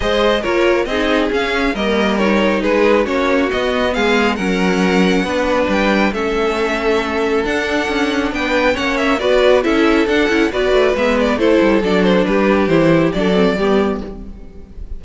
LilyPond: <<
  \new Staff \with { instrumentName = "violin" } { \time 4/4 \tempo 4 = 137 dis''4 cis''4 dis''4 f''4 | dis''4 cis''4 b'4 cis''4 | dis''4 f''4 fis''2~ | fis''4 g''4 e''2~ |
e''4 fis''2 g''4 | fis''8 e''8 d''4 e''4 fis''4 | d''4 e''8 d''8 c''4 d''8 c''8 | b'4 c''4 d''2 | }
  \new Staff \with { instrumentName = "violin" } { \time 4/4 c''4 ais'4 gis'2 | ais'2 gis'4 fis'4~ | fis'4 gis'4 ais'2 | b'2 a'2~ |
a'2. b'4 | cis''4 b'4 a'2 | b'2 a'2 | g'2 a'4 g'4 | }
  \new Staff \with { instrumentName = "viola" } { \time 4/4 gis'4 f'4 dis'4 cis'4 | ais4 dis'2 cis'4 | b2 cis'2 | d'2 cis'2~ |
cis'4 d'2. | cis'4 fis'4 e'4 d'8 e'8 | fis'4 b4 e'4 d'4~ | d'4 e'4 d'8 c'8 b4 | }
  \new Staff \with { instrumentName = "cello" } { \time 4/4 gis4 ais4 c'4 cis'4 | g2 gis4 ais4 | b4 gis4 fis2 | b4 g4 a2~ |
a4 d'4 cis'4 b4 | ais4 b4 cis'4 d'8 cis'8 | b8 a8 gis4 a8 g8 fis4 | g4 e4 fis4 g4 | }
>>